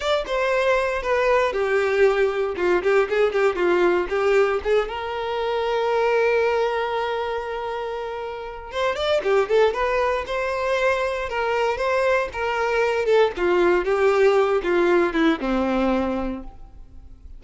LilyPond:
\new Staff \with { instrumentName = "violin" } { \time 4/4 \tempo 4 = 117 d''8 c''4. b'4 g'4~ | g'4 f'8 g'8 gis'8 g'8 f'4 | g'4 gis'8 ais'2~ ais'8~ | ais'1~ |
ais'4 c''8 d''8 g'8 a'8 b'4 | c''2 ais'4 c''4 | ais'4. a'8 f'4 g'4~ | g'8 f'4 e'8 c'2 | }